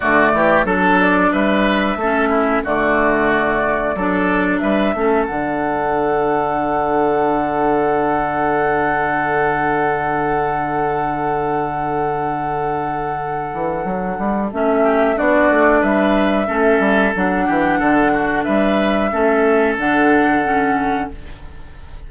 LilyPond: <<
  \new Staff \with { instrumentName = "flute" } { \time 4/4 \tempo 4 = 91 d''4 a'8 d''8 e''2 | d''2. e''4 | fis''1~ | fis''1~ |
fis''1~ | fis''2 e''4 d''4 | e''2 fis''2 | e''2 fis''2 | }
  \new Staff \with { instrumentName = "oboe" } { \time 4/4 fis'8 g'8 a'4 b'4 a'8 e'8 | fis'2 a'4 b'8 a'8~ | a'1~ | a'1~ |
a'1~ | a'2~ a'8 g'8 fis'4 | b'4 a'4. g'8 a'8 fis'8 | b'4 a'2. | }
  \new Staff \with { instrumentName = "clarinet" } { \time 4/4 a4 d'2 cis'4 | a2 d'4. cis'8 | d'1~ | d'1~ |
d'1~ | d'2 cis'4 d'4~ | d'4 cis'4 d'2~ | d'4 cis'4 d'4 cis'4 | }
  \new Staff \with { instrumentName = "bassoon" } { \time 4/4 d8 e8 fis4 g4 a4 | d2 fis4 g8 a8 | d1~ | d1~ |
d1~ | d8 e8 fis8 g8 a4 b8 a8 | g4 a8 g8 fis8 e8 d4 | g4 a4 d2 | }
>>